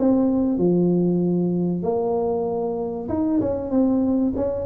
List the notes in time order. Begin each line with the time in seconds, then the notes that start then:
0.00 C4
0.59 F3
1.83 A#3
3.09 D#4
3.41 C#4
3.71 C4
4.37 C#4